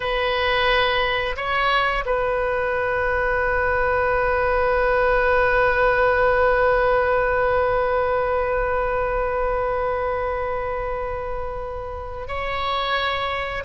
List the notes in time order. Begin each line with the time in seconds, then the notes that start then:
0.00 B4
1.36 C#5
2.05 B4
12.27 C#5